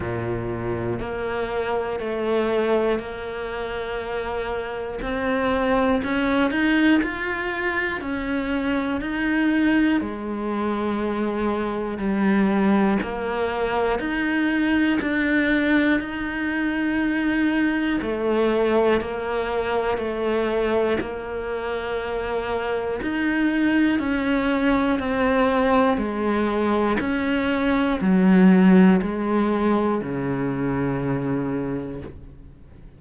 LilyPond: \new Staff \with { instrumentName = "cello" } { \time 4/4 \tempo 4 = 60 ais,4 ais4 a4 ais4~ | ais4 c'4 cis'8 dis'8 f'4 | cis'4 dis'4 gis2 | g4 ais4 dis'4 d'4 |
dis'2 a4 ais4 | a4 ais2 dis'4 | cis'4 c'4 gis4 cis'4 | fis4 gis4 cis2 | }